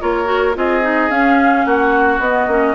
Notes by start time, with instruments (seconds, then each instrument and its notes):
0.00 bassoon A#3, clarinet F4, oboe A#4, flute C#5
0.24 clarinet F#4
0.54 bassoon C4, clarinet F4, oboe G#4, flute D#5
0.82 clarinet D#4
1.10 bassoon C#4, clarinet C#4, flute F5
1.65 bassoon A#3, oboe F#4, flute F#5
2.19 bassoon B3, clarinet B3, flute D#5
2.47 bassoon A#3, clarinet C#4